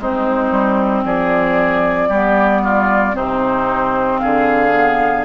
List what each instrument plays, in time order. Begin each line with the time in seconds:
0.00 bassoon G#3, clarinet C4, oboe D#4, flute C5
0.52 bassoon G3
1.05 bassoon F3, oboe G#4, flute D5
2.09 bassoon G3, clarinet B3, oboe G4
2.64 oboe F4
3.13 bassoon C3, clarinet C4, oboe D#4, flute C5
4.20 bassoon D3, oboe G#4, flute F5
4.73 clarinet B3